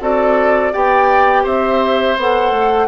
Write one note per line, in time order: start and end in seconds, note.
0.00 0.72 C4
0.00 0.72 F#4
0.00 0.72 A4
0.00 0.73 D5
0.72 1.44 B3
0.72 2.16 G4
0.72 1.43 D5
0.72 1.45 G5
1.43 2.16 C4
1.43 2.87 C5
1.43 2.18 E5
2.16 2.50 B3
2.16 2.87 A4
2.16 2.87 F#5
2.50 2.87 A3